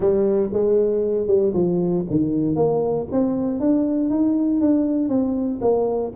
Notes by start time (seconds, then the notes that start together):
0.00 G3
0.52 G#3
1.27 G3
1.53 F3
2.10 D#3
2.55 A#3
3.11 C4
3.60 D4
4.10 D#4
4.60 D4
5.08 C4
5.61 A#3